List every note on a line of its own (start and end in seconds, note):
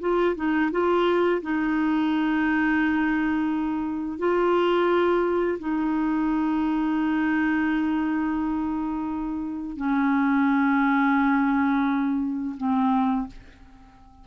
0.00 0.35 F4
0.35 0.70 D#4
0.71 1.41 F4
1.41 4.18 D#4
4.18 5.58 F4
5.58 9.76 D#4
9.76 12.55 C#4
12.57 13.27 C4